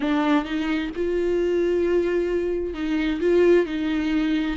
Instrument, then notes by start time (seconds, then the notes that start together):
viola
0.00 D4
0.44 D#4
0.95 F4
2.74 D#4
3.20 F4
3.66 D#4